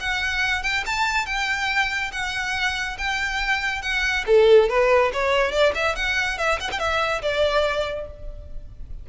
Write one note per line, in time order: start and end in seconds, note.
0.00 0.63 F#5
0.63 0.84 G5
0.86 1.26 A5
1.26 2.11 G5
2.12 2.97 F#5
2.98 3.82 G5
3.82 4.24 F#5
4.26 4.69 A4
4.69 5.12 B4
5.13 5.51 C#5
5.51 5.73 D5
5.75 5.96 E5
5.96 6.38 F#5
6.38 6.59 E5
6.60 6.71 F#5
6.72 6.79 G5
6.79 7.22 E5
7.22 8.07 D5